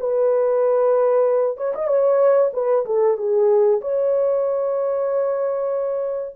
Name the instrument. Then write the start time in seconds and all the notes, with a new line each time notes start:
horn
0.00 B4
1.57 C#5
1.75 D#5
1.87 C#5
2.53 B4
2.85 A4
3.17 G#4
3.81 C#5